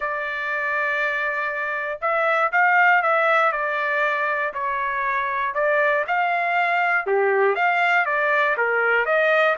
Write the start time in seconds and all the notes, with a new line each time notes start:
0.00 D5
2.01 E5
2.52 F5
3.02 E5
3.52 D5
4.53 C#5
5.54 D5
6.07 F5
7.06 G4
7.55 F5
8.05 D5
8.57 A#4
9.05 D#5